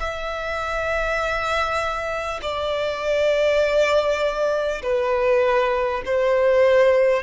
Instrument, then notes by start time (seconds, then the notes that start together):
violin
0.00 E5
2.43 D5
4.83 B4
6.06 C5